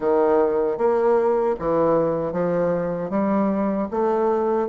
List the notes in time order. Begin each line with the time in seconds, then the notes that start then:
0.00 D#3
0.77 A#3
1.59 E3
2.32 F3
3.10 G3
3.90 A3